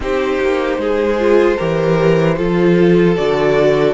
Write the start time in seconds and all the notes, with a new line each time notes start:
0.00 C4 D#4 G4 C5
0.40 A#3
0.77 G#3 G#4
1.18 F4
1.56 E3 G4 A#4
2.37 F3 F4 A4
3.15 D3 F#4 D5